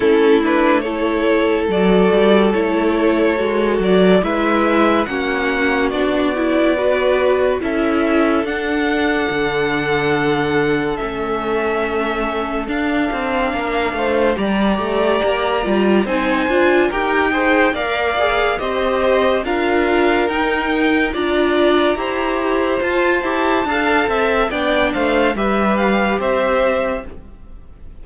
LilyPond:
<<
  \new Staff \with { instrumentName = "violin" } { \time 4/4 \tempo 4 = 71 a'8 b'8 cis''4 d''4 cis''4~ | cis''8 d''8 e''4 fis''4 d''4~ | d''4 e''4 fis''2~ | fis''4 e''2 f''4~ |
f''4 ais''2 gis''4 | g''4 f''4 dis''4 f''4 | g''4 ais''2 a''4~ | a''4 g''8 f''8 e''8 f''8 e''4 | }
  \new Staff \with { instrumentName = "violin" } { \time 4/4 e'4 a'2.~ | a'4 b'4 fis'2 | b'4 a'2.~ | a'1 |
ais'8 c''8 d''2 c''4 | ais'8 c''8 d''4 c''4 ais'4~ | ais'4 d''4 c''2 | f''8 e''8 d''8 c''8 b'4 c''4 | }
  \new Staff \with { instrumentName = "viola" } { \time 4/4 cis'8 d'8 e'4 fis'4 e'4 | fis'4 e'4 cis'4 d'8 e'8 | fis'4 e'4 d'2~ | d'4 cis'2 d'4~ |
d'4 g'4. f'8 dis'8 f'8 | g'8 gis'8 ais'8 gis'8 g'4 f'4 | dis'4 f'4 g'4 f'8 g'8 | a'4 d'4 g'2 | }
  \new Staff \with { instrumentName = "cello" } { \time 4/4 a2 fis8 g8 a4 | gis8 fis8 gis4 ais4 b4~ | b4 cis'4 d'4 d4~ | d4 a2 d'8 c'8 |
ais8 a8 g8 a8 ais8 g8 c'8 d'8 | dis'4 ais4 c'4 d'4 | dis'4 d'4 e'4 f'8 e'8 | d'8 c'8 b8 a8 g4 c'4 | }
>>